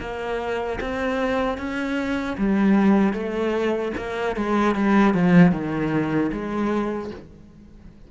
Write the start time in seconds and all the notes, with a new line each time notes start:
0.00 A#3
0.80 C4
1.58 C#4
2.37 G3
3.13 A3
3.97 A#3
4.36 G#3
4.75 G3
5.14 F3
5.52 D#3
6.32 G#3